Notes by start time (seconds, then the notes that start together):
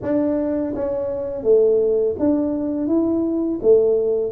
0.02 D4
0.75 C#4
1.43 A3
2.19 D4
2.87 E4
3.62 A3